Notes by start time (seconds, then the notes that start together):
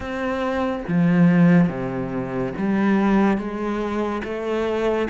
0.00 C4
0.88 F3
1.69 C3
2.57 G3
3.37 G#3
4.24 A3